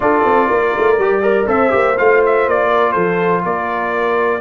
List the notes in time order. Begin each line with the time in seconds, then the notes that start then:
0.00 D4 F4 A4 D5
0.25 C4
0.48 A#3 A#4
0.77 A3
0.98 G3 G4
1.22 A#4 D5
1.47 C4 A4 C5 E5
1.69 A#3 G4
1.97 A3 F4 F5
2.25 E5
2.47 A#3 D5
2.70 A#4
2.92 F3 A4 C5
3.44 A#3 A#4 D5